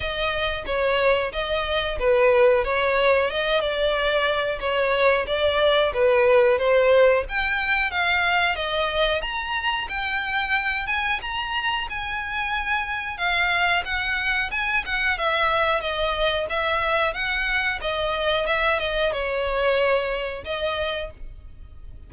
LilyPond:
\new Staff \with { instrumentName = "violin" } { \time 4/4 \tempo 4 = 91 dis''4 cis''4 dis''4 b'4 | cis''4 dis''8 d''4. cis''4 | d''4 b'4 c''4 g''4 | f''4 dis''4 ais''4 g''4~ |
g''8 gis''8 ais''4 gis''2 | f''4 fis''4 gis''8 fis''8 e''4 | dis''4 e''4 fis''4 dis''4 | e''8 dis''8 cis''2 dis''4 | }